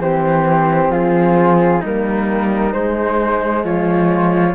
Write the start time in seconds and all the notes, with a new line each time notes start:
0.00 E3 C4 G4 C5
0.90 F3 F4 G#4
1.81 G3 A#3 D#4 A#4
2.71 G#3 C5
3.63 F3 F4 C#5